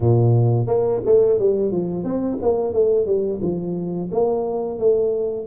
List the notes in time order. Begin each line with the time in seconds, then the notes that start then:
0.00 A#2
0.66 A#3
1.05 A3
1.39 G3
1.71 F3
2.04 C4
2.42 A#3
2.73 A3
3.06 G3
3.41 F3
4.11 A#3
4.79 A3